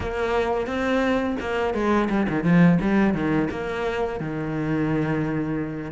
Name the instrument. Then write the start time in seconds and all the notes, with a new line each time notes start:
cello
0.00 A#3
0.66 C4
1.40 A#3
1.74 G#3
2.09 G3
2.29 D#3
2.43 F3
2.81 G3
3.14 D#3
3.50 A#3
4.20 D#3